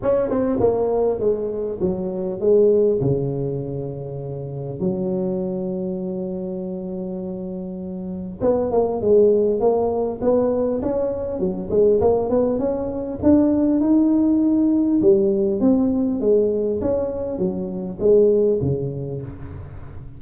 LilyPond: \new Staff \with { instrumentName = "tuba" } { \time 4/4 \tempo 4 = 100 cis'8 c'8 ais4 gis4 fis4 | gis4 cis2. | fis1~ | fis2 b8 ais8 gis4 |
ais4 b4 cis'4 fis8 gis8 | ais8 b8 cis'4 d'4 dis'4~ | dis'4 g4 c'4 gis4 | cis'4 fis4 gis4 cis4 | }